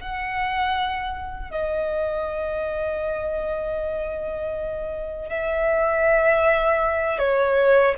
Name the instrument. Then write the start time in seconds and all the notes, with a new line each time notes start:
violin
0.00 F#5
1.50 D#5
5.29 E5
7.18 C#5